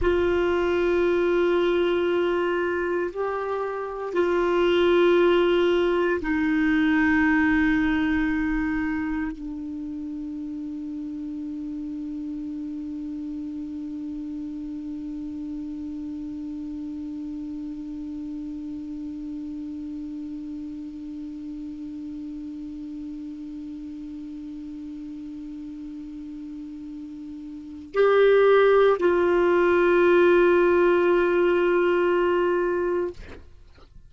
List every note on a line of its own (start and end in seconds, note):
0.01 3.11 F4
3.11 4.13 G4
4.13 6.20 F4
6.21 9.31 D#4
9.31 27.93 D4
27.94 28.97 G4
28.99 33.13 F4